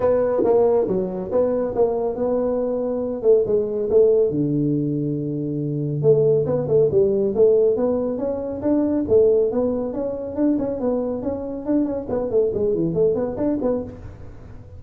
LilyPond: \new Staff \with { instrumentName = "tuba" } { \time 4/4 \tempo 4 = 139 b4 ais4 fis4 b4 | ais4 b2~ b8 a8 | gis4 a4 d2~ | d2 a4 b8 a8 |
g4 a4 b4 cis'4 | d'4 a4 b4 cis'4 | d'8 cis'8 b4 cis'4 d'8 cis'8 | b8 a8 gis8 e8 a8 b8 d'8 b8 | }